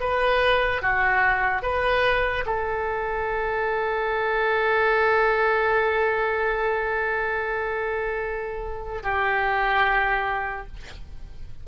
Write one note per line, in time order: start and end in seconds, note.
0.00 0.82 B4
0.82 1.62 F#4
1.62 2.44 B4
2.46 9.03 A4
9.03 10.67 G4